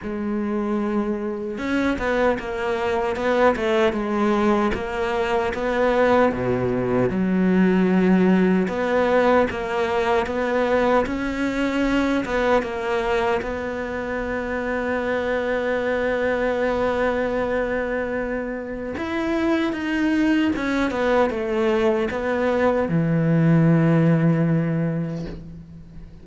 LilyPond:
\new Staff \with { instrumentName = "cello" } { \time 4/4 \tempo 4 = 76 gis2 cis'8 b8 ais4 | b8 a8 gis4 ais4 b4 | b,4 fis2 b4 | ais4 b4 cis'4. b8 |
ais4 b2.~ | b1 | e'4 dis'4 cis'8 b8 a4 | b4 e2. | }